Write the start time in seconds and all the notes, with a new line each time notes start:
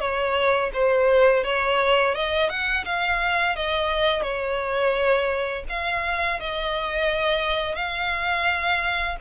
0.00 C#5
0.74 C5
1.44 C#5
2.15 D#5
2.50 F#5
2.85 F5
3.56 D#5
4.22 C#5
5.69 F5
6.40 D#5
7.76 F5